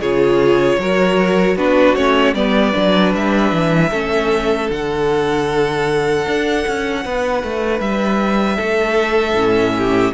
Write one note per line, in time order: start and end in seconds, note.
0.00 0.78 C#3
0.00 0.80 F4
0.00 0.78 G#4
0.00 1.57 C#5
0.78 1.56 F#3
0.78 1.58 F#4
0.78 1.57 A#4
1.56 1.95 B3
1.56 1.97 D4
1.56 2.35 F#4
1.56 1.95 B4
1.95 2.34 A3
1.95 2.35 C#4
1.95 2.34 C#5
2.34 2.73 G3
2.34 2.73 B3
2.34 3.91 B4
2.34 3.13 D5
2.73 3.15 F#3
2.73 3.90 D4
3.15 3.52 G3
3.15 4.71 E5
3.52 3.91 E3
3.91 4.70 A3
3.91 4.71 C#4
3.91 7.02 A4
4.71 6.26 D3
4.71 9.37 D4
4.71 7.81 F#5
6.26 6.65 D4
6.68 7.06 C#4
7.06 7.43 B3
7.06 8.57 B4
7.43 7.80 A3
7.80 8.58 G3
7.80 10.14 E5
8.57 9.34 A3
8.57 9.74 A4
9.34 10.12 A2
9.34 10.14 C#4
9.78 10.14 G4